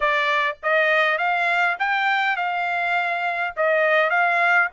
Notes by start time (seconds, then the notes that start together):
0.00 D5
0.62 D#5
1.17 F5
1.79 G5
2.36 F5
3.56 D#5
4.10 F5